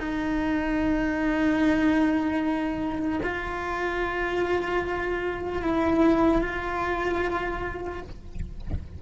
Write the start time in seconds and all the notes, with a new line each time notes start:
0.00 D#4
3.23 F4
5.62 E4
6.42 F4